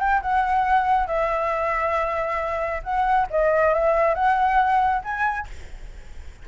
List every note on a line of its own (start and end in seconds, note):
0.00 0.22 G5
0.22 1.07 F#5
1.07 2.82 E5
2.84 3.27 F#5
3.30 3.74 D#5
3.74 4.15 E5
4.15 5.02 F#5
5.04 5.48 G#5